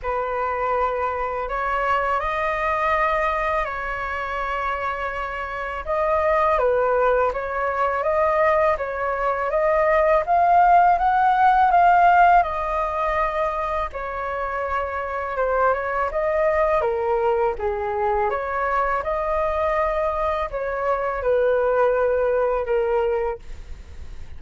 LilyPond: \new Staff \with { instrumentName = "flute" } { \time 4/4 \tempo 4 = 82 b'2 cis''4 dis''4~ | dis''4 cis''2. | dis''4 b'4 cis''4 dis''4 | cis''4 dis''4 f''4 fis''4 |
f''4 dis''2 cis''4~ | cis''4 c''8 cis''8 dis''4 ais'4 | gis'4 cis''4 dis''2 | cis''4 b'2 ais'4 | }